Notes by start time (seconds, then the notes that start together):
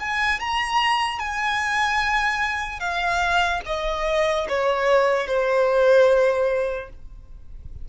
0.00 G#5
0.40 A#5
1.19 G#5
2.80 F5
3.66 D#5
4.49 C#5
5.27 C5